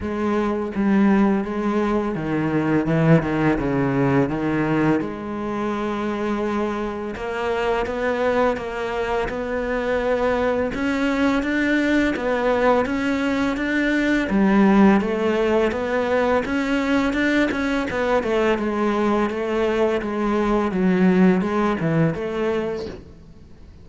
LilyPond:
\new Staff \with { instrumentName = "cello" } { \time 4/4 \tempo 4 = 84 gis4 g4 gis4 dis4 | e8 dis8 cis4 dis4 gis4~ | gis2 ais4 b4 | ais4 b2 cis'4 |
d'4 b4 cis'4 d'4 | g4 a4 b4 cis'4 | d'8 cis'8 b8 a8 gis4 a4 | gis4 fis4 gis8 e8 a4 | }